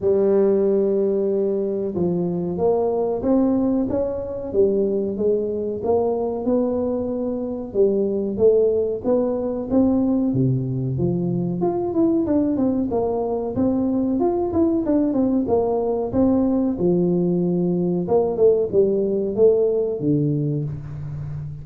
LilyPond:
\new Staff \with { instrumentName = "tuba" } { \time 4/4 \tempo 4 = 93 g2. f4 | ais4 c'4 cis'4 g4 | gis4 ais4 b2 | g4 a4 b4 c'4 |
c4 f4 f'8 e'8 d'8 c'8 | ais4 c'4 f'8 e'8 d'8 c'8 | ais4 c'4 f2 | ais8 a8 g4 a4 d4 | }